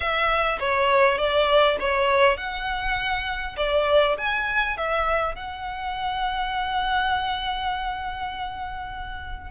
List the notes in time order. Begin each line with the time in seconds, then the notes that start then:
0.00 E5
0.59 C#5
1.17 D5
1.80 C#5
2.37 F#5
3.56 D5
4.17 G#5
4.77 E5
5.35 F#5